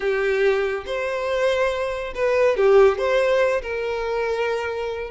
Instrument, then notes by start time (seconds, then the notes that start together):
violin
0.00 G4
0.85 C5
2.15 B4
2.56 G4
2.97 C5
3.62 A#4